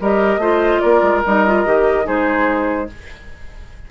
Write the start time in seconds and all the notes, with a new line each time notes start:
0.00 G3 G4 A#4 D#5
0.37 A3 F4 C5
0.80 A#3 A#4 D5
1.02 G#3
1.25 G3 D#4 D#5
1.46 F4
1.65 D#3 G4
2.04 G#3 D#4 G#4 C5